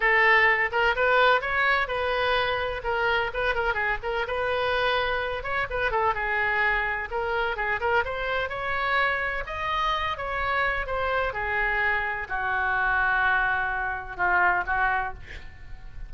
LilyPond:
\new Staff \with { instrumentName = "oboe" } { \time 4/4 \tempo 4 = 127 a'4. ais'8 b'4 cis''4 | b'2 ais'4 b'8 ais'8 | gis'8 ais'8 b'2~ b'8 cis''8 | b'8 a'8 gis'2 ais'4 |
gis'8 ais'8 c''4 cis''2 | dis''4. cis''4. c''4 | gis'2 fis'2~ | fis'2 f'4 fis'4 | }